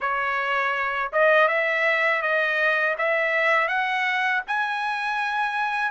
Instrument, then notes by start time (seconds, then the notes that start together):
trumpet
0.00 C#5
1.12 D#5
1.48 E5
2.22 D#5
2.98 E5
3.67 F#5
4.46 G#5